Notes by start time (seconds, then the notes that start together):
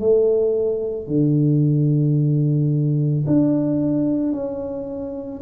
0.00 A3
1.08 D3
3.27 D4
4.33 C#4